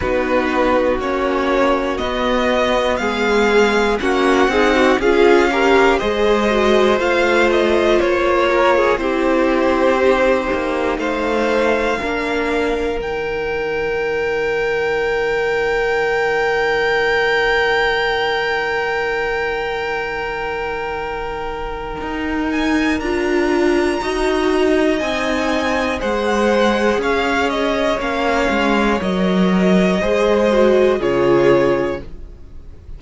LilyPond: <<
  \new Staff \with { instrumentName = "violin" } { \time 4/4 \tempo 4 = 60 b'4 cis''4 dis''4 f''4 | fis''4 f''4 dis''4 f''8 dis''8 | cis''4 c''2 f''4~ | f''4 g''2.~ |
g''1~ | g''2~ g''8 gis''8 ais''4~ | ais''4 gis''4 fis''4 f''8 dis''8 | f''4 dis''2 cis''4 | }
  \new Staff \with { instrumentName = "violin" } { \time 4/4 fis'2. gis'4 | fis'8 gis'16 fis'16 gis'8 ais'8 c''2~ | c''8 ais'16 gis'16 g'2 c''4 | ais'1~ |
ais'1~ | ais'1 | dis''2 c''4 cis''4~ | cis''2 c''4 gis'4 | }
  \new Staff \with { instrumentName = "viola" } { \time 4/4 dis'4 cis'4 b2 | cis'8 dis'8 f'8 g'8 gis'8 fis'8 f'4~ | f'4 e'4 dis'2 | d'4 dis'2.~ |
dis'1~ | dis'2. f'4 | fis'4 dis'4 gis'2 | cis'4 ais'4 gis'8 fis'8 f'4 | }
  \new Staff \with { instrumentName = "cello" } { \time 4/4 b4 ais4 b4 gis4 | ais8 c'8 cis'4 gis4 a4 | ais4 c'4. ais8 a4 | ais4 dis2.~ |
dis1~ | dis2 dis'4 d'4 | dis'4 c'4 gis4 cis'4 | ais8 gis8 fis4 gis4 cis4 | }
>>